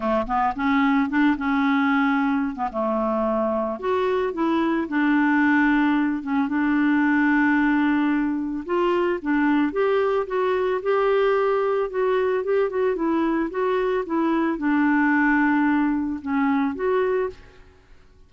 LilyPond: \new Staff \with { instrumentName = "clarinet" } { \time 4/4 \tempo 4 = 111 a8 b8 cis'4 d'8 cis'4.~ | cis'8. b16 a2 fis'4 | e'4 d'2~ d'8 cis'8 | d'1 |
f'4 d'4 g'4 fis'4 | g'2 fis'4 g'8 fis'8 | e'4 fis'4 e'4 d'4~ | d'2 cis'4 fis'4 | }